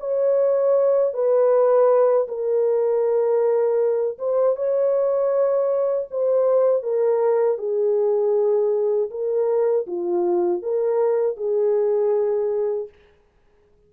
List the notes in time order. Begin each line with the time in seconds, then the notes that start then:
0.00 C#5
1.14 B4
2.28 A#4
4.19 C5
4.56 C#5
6.11 C5
6.83 A#4
7.58 G#4
9.11 A#4
9.87 F4
10.63 A#4
11.37 G#4